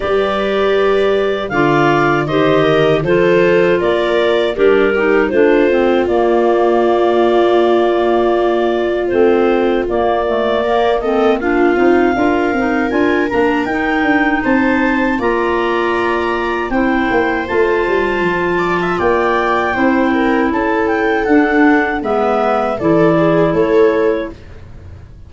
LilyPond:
<<
  \new Staff \with { instrumentName = "clarinet" } { \time 4/4 \tempo 4 = 79 d''2 f''4 dis''4 | c''4 d''4 ais'4 c''4 | d''1 | c''4 d''4. dis''8 f''4~ |
f''4 gis''8 ais''8 g''4 a''4 | ais''2 g''4 a''4~ | a''4 g''2 a''8 g''8 | fis''4 e''4 d''4 cis''4 | }
  \new Staff \with { instrumentName = "viola" } { \time 4/4 b'2 d''4 c''8 ais'8 | a'4 ais'4 d'8 g'8 f'4~ | f'1~ | f'2 ais'8 a'8 f'4 |
ais'2. c''4 | d''2 c''2~ | c''8 d''16 e''16 d''4 c''8 ais'8 a'4~ | a'4 b'4 a'8 gis'8 a'4 | }
  \new Staff \with { instrumentName = "clarinet" } { \time 4/4 g'2 f'4 g'4 | f'2 g'8 dis'8 d'8 c'8 | ais1 | c'4 ais8 a8 ais8 c'8 d'8 dis'8 |
f'8 dis'8 f'8 d'8 dis'2 | f'2 e'4 f'4~ | f'2 e'2 | d'4 b4 e'2 | }
  \new Staff \with { instrumentName = "tuba" } { \time 4/4 g2 d4 dis4 | f4 ais4 g4 a4 | ais1 | a4 ais2~ ais8 c'8 |
d'8 c'8 d'8 ais8 dis'8 d'8 c'4 | ais2 c'8 ais8 a8 g8 | f4 ais4 c'4 cis'4 | d'4 gis4 e4 a4 | }
>>